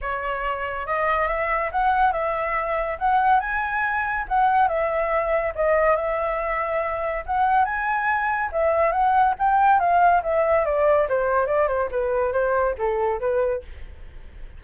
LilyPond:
\new Staff \with { instrumentName = "flute" } { \time 4/4 \tempo 4 = 141 cis''2 dis''4 e''4 | fis''4 e''2 fis''4 | gis''2 fis''4 e''4~ | e''4 dis''4 e''2~ |
e''4 fis''4 gis''2 | e''4 fis''4 g''4 f''4 | e''4 d''4 c''4 d''8 c''8 | b'4 c''4 a'4 b'4 | }